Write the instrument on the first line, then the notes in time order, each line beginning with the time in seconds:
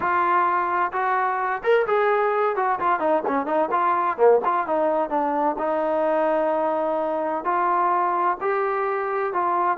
trombone
0.00 F4
0.92 F#4
1.63 A#4
1.86 G#4
2.55 F#4
2.79 F4
2.99 D#4
3.27 C#4
3.45 D#4
3.71 F4
4.17 A#3
4.44 F4
4.66 D#4
5.09 D4
5.58 D#4
7.44 F4
8.40 G4
9.33 F4